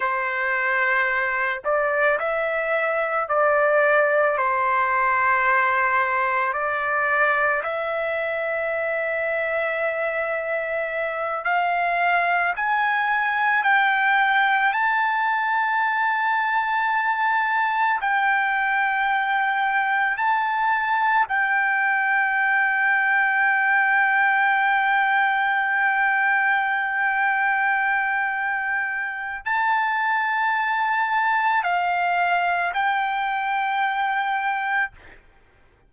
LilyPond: \new Staff \with { instrumentName = "trumpet" } { \time 4/4 \tempo 4 = 55 c''4. d''8 e''4 d''4 | c''2 d''4 e''4~ | e''2~ e''8 f''4 gis''8~ | gis''8 g''4 a''2~ a''8~ |
a''8 g''2 a''4 g''8~ | g''1~ | g''2. a''4~ | a''4 f''4 g''2 | }